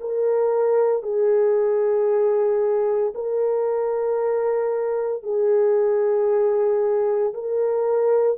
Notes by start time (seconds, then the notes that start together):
0.00 A#4
1.03 G#4
3.15 A#4
5.23 G#4
7.34 A#4